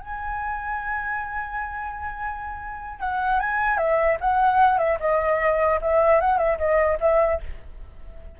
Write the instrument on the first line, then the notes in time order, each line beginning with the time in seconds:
flute
0.00 G#5
3.00 F#5
3.40 G#5
3.77 E5
4.20 F#5
4.78 E5
5.00 D#5
5.81 E5
6.20 F#5
6.38 E5
6.58 D#5
7.00 E5